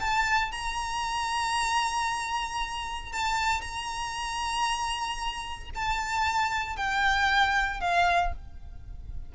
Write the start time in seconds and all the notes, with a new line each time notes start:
0.00 A5
0.52 A#5
3.12 A5
3.61 A#5
5.75 A5
6.76 G5
7.80 F5